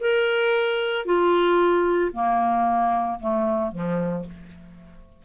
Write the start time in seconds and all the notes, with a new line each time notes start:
0.00 A#4
1.05 F4
2.13 A#3
3.20 A3
3.72 F3